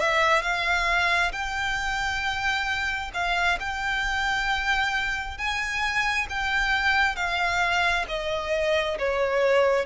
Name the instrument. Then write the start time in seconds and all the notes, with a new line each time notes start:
violin
0.00 E5
0.42 F5
1.33 G5
3.14 F5
3.60 G5
5.38 G#5
6.29 G5
7.16 F5
8.08 D#5
8.99 C#5